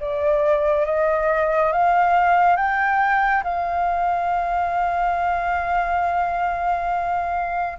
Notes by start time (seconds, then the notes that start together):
0.00 D5
0.85 D#5
1.72 F5
2.56 G5
3.43 F5